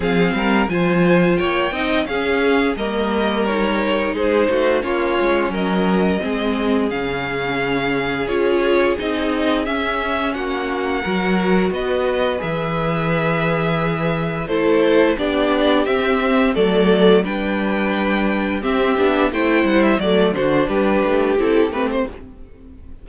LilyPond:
<<
  \new Staff \with { instrumentName = "violin" } { \time 4/4 \tempo 4 = 87 f''4 gis''4 g''4 f''4 | dis''4 cis''4 c''4 cis''4 | dis''2 f''2 | cis''4 dis''4 e''4 fis''4~ |
fis''4 dis''4 e''2~ | e''4 c''4 d''4 e''4 | d''4 g''2 e''4 | g''8 fis''16 e''16 d''8 c''8 b'4 a'8 b'16 c''16 | }
  \new Staff \with { instrumentName = "violin" } { \time 4/4 gis'8 ais'8 c''4 cis''8 dis''8 gis'4 | ais'2 gis'8 fis'8 f'4 | ais'4 gis'2.~ | gis'2. fis'4 |
ais'4 b'2.~ | b'4 a'4 g'2 | a'4 b'2 g'4 | c''4 d''8 fis'8 g'2 | }
  \new Staff \with { instrumentName = "viola" } { \time 4/4 c'4 f'4. dis'8 cis'4 | ais4 dis'2 cis'4~ | cis'4 c'4 cis'2 | f'4 dis'4 cis'2 |
fis'2 gis'2~ | gis'4 e'4 d'4 c'4 | a4 d'2 c'8 d'8 | e'4 a8 d'4. e'8 c'8 | }
  \new Staff \with { instrumentName = "cello" } { \time 4/4 f8 g8 f4 ais8 c'8 cis'4 | g2 gis8 a8 ais8 gis8 | fis4 gis4 cis2 | cis'4 c'4 cis'4 ais4 |
fis4 b4 e2~ | e4 a4 b4 c'4 | fis4 g2 c'8 b8 | a8 g8 fis8 d8 g8 a8 c'8 a8 | }
>>